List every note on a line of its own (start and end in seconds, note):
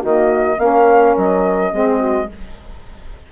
0.00 0.58 D#3
0.00 0.58 A#3
0.00 0.57 F#4
0.00 0.59 D#5
0.58 1.16 A#3
0.58 1.72 C#4
0.58 1.74 A#4
0.58 1.16 F5
1.17 1.73 F#3
1.17 2.32 D#5
1.72 2.30 G#3
1.72 2.29 C4
1.72 1.99 G#4
1.99 2.28 F#4